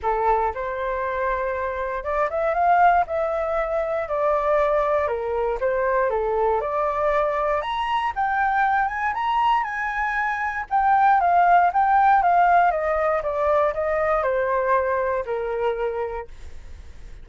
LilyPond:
\new Staff \with { instrumentName = "flute" } { \time 4/4 \tempo 4 = 118 a'4 c''2. | d''8 e''8 f''4 e''2 | d''2 ais'4 c''4 | a'4 d''2 ais''4 |
g''4. gis''8 ais''4 gis''4~ | gis''4 g''4 f''4 g''4 | f''4 dis''4 d''4 dis''4 | c''2 ais'2 | }